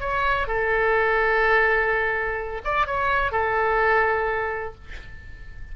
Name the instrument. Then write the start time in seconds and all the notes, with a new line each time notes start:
oboe
0.00 C#5
0.47 A4
2.65 D5
2.86 C#5
3.32 A4